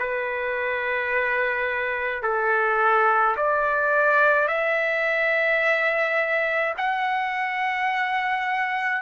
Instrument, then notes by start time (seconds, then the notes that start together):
trumpet
0.00 B4
2.23 A4
3.37 D5
4.48 E5
6.78 F#5